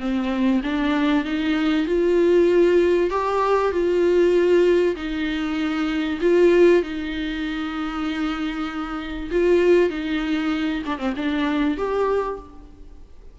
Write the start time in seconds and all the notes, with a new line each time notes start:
0.00 C4
0.63 D4
1.25 D#4
1.87 F4
3.10 G4
3.72 F4
4.96 D#4
6.21 F4
6.83 D#4
9.31 F4
9.90 D#4
10.86 D4
10.98 C4
11.16 D4
11.78 G4